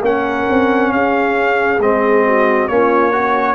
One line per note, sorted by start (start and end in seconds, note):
0.00 0.44 A#3
0.00 1.79 C#4
0.00 0.92 A#4
0.00 0.92 F#5
0.49 0.91 C4
0.91 1.79 C#4
0.91 2.26 G#4
0.91 1.80 F5
1.79 2.67 G#3
1.79 2.69 C4
1.79 2.67 D#5
2.26 2.70 F#4
2.67 3.54 A#3
2.67 3.11 C#4
2.67 3.13 F4
2.67 3.54 C#5
3.11 3.54 C#4
3.11 3.54 F#4